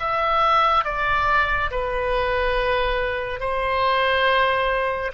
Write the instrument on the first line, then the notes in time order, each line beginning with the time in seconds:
oboe
0.00 E5
0.85 D5
1.71 B4
3.40 C5